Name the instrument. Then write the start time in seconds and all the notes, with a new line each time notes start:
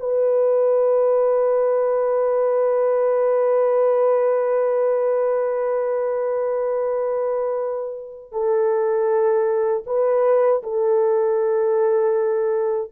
horn
0.00 B4
8.32 A4
9.86 B4
10.63 A4